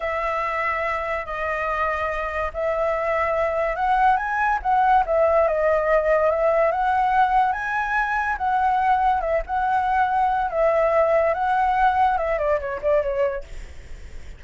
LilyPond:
\new Staff \with { instrumentName = "flute" } { \time 4/4 \tempo 4 = 143 e''2. dis''4~ | dis''2 e''2~ | e''4 fis''4 gis''4 fis''4 | e''4 dis''2 e''4 |
fis''2 gis''2 | fis''2 e''8 fis''4.~ | fis''4 e''2 fis''4~ | fis''4 e''8 d''8 cis''8 d''8 cis''4 | }